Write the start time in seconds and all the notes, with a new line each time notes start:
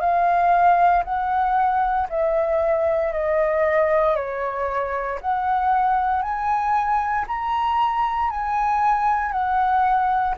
0.00 F5
1.04 F#5
2.09 E5
3.13 D#5
4.16 C#5
5.21 F#5
6.22 G#5
7.27 A#5
8.30 G#5
9.32 F#5